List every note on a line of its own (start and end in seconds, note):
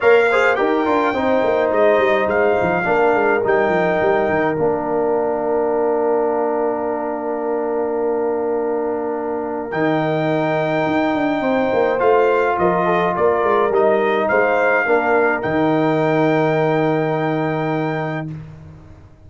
0.00 0.58 A#3
0.00 0.30 A#4
0.00 0.27 C#5
0.00 0.55 F5
0.30 0.55 G#4
0.30 0.57 C5
0.55 0.86 D#4
0.55 0.84 G4
0.55 1.14 A#4
0.55 1.70 G5
0.85 1.13 D4
0.85 1.13 F4
1.13 1.41 C4
1.13 2.83 D#4
1.13 2.85 C5
1.43 1.71 A#3
1.71 1.98 G#3
1.71 2.28 D#5
1.98 2.26 G3
2.27 2.55 G#3
2.27 3.43 F5
2.61 2.86 F3
2.83 3.14 A#3
2.83 3.40 D4
2.83 11.40 A#4
3.14 3.42 G#3
3.44 3.69 G3
3.44 4.56 D#4
3.44 4.57 G5
3.69 3.97 F3
4.01 4.29 G3
4.29 4.57 D#3
4.56 9.72 A#3
4.56 9.70 D4
4.56 9.71 F5
9.71 10.86 D#3
9.71 11.99 D#4
9.71 12.00 G5
10.86 11.14 D#4
11.14 11.40 D4
11.40 11.69 C4
11.40 12.54 C5
11.73 12.00 A#3
11.99 12.57 A3
11.99 13.70 F4
11.99 12.57 F5
12.58 13.15 F3
12.58 12.85 A#4
12.58 13.15 D#5
12.85 13.13 A4
13.15 13.43 A#3
13.15 14.28 A#4
13.15 13.73 D5
13.43 13.70 G#3
13.70 14.27 G3
13.70 14.86 D#4
13.70 14.28 D#5
14.28 14.86 G#3
14.28 14.85 C5
14.28 15.42 F5
14.86 15.43 A#3
14.86 15.41 D4
14.86 18.29 A#4
15.41 18.30 D#3
15.41 18.27 D#4
15.41 18.27 G5